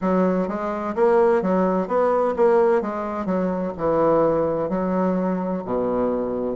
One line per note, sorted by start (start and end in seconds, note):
0.01 0.47 F#3
0.47 0.94 G#3
0.95 1.42 A#3
1.42 1.87 F#3
1.87 2.34 B3
2.36 2.81 A#3
2.81 3.25 G#3
3.25 3.72 F#3
3.77 4.69 E3
4.69 5.62 F#3
5.65 6.56 B2